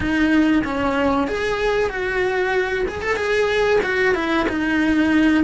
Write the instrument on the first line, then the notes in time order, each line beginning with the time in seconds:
cello
0.00 D#4
0.64 C#4
1.27 G#4
1.89 F#4
2.88 G#4
3.01 A4
3.16 G#4
3.83 F#4
4.15 E4
4.48 D#4